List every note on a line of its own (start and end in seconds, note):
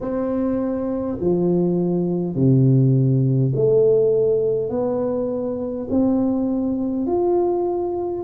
0.01 1.18 C4
1.20 2.35 F3
2.35 3.52 C3
3.55 4.70 A3
4.70 5.87 B3
5.90 7.06 C4
7.06 8.23 F4